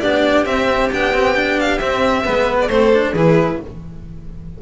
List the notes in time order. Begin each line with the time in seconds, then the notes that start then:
0.00 B3 D4 G4 D5
0.45 C4 E5
0.92 B3 D4 G5
1.14 C4
1.35 D4
1.60 F5
1.79 C4 E5
2.25 G#3 B3 B4
2.61 D5
2.69 A3 C4 A4 C5
2.93 D4
3.12 E3 E4 G#4 B4